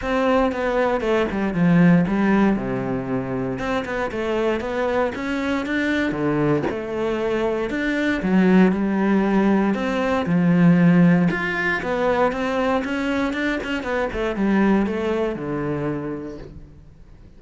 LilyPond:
\new Staff \with { instrumentName = "cello" } { \time 4/4 \tempo 4 = 117 c'4 b4 a8 g8 f4 | g4 c2 c'8 b8 | a4 b4 cis'4 d'4 | d4 a2 d'4 |
fis4 g2 c'4 | f2 f'4 b4 | c'4 cis'4 d'8 cis'8 b8 a8 | g4 a4 d2 | }